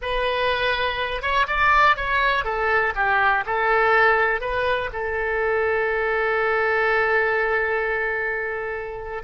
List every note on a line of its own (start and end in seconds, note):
0.01 1.21 B4
1.21 1.46 C#5
1.47 1.96 D5
1.96 2.44 C#5
2.44 2.93 A4
2.95 3.44 G4
3.46 4.40 A4
4.40 4.90 B4
4.92 9.23 A4